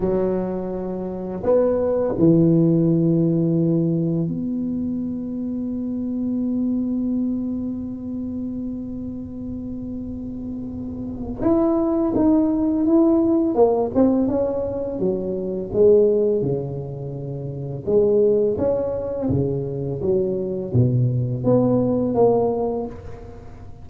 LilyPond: \new Staff \with { instrumentName = "tuba" } { \time 4/4 \tempo 4 = 84 fis2 b4 e4~ | e2 b2~ | b1~ | b1 |
e'4 dis'4 e'4 ais8 c'8 | cis'4 fis4 gis4 cis4~ | cis4 gis4 cis'4 cis4 | fis4 b,4 b4 ais4 | }